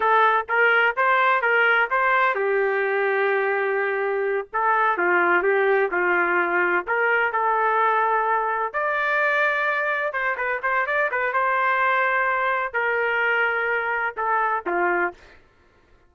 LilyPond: \new Staff \with { instrumentName = "trumpet" } { \time 4/4 \tempo 4 = 127 a'4 ais'4 c''4 ais'4 | c''4 g'2.~ | g'4. a'4 f'4 g'8~ | g'8 f'2 ais'4 a'8~ |
a'2~ a'8 d''4.~ | d''4. c''8 b'8 c''8 d''8 b'8 | c''2. ais'4~ | ais'2 a'4 f'4 | }